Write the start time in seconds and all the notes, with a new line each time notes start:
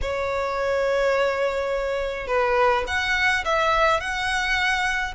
0.01 C#5
2.27 B4
2.87 F#5
3.44 E5
4.00 F#5